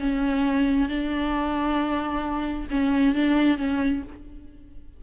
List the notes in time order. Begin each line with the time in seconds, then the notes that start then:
0.00 C#4
0.89 D4
2.70 C#4
3.15 D4
3.57 C#4